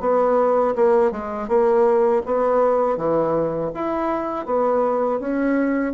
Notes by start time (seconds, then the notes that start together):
0.00 B3
0.75 A#3
1.11 G#3
1.48 A#3
2.26 B3
2.97 E3
3.74 E4
4.45 B3
5.20 C#4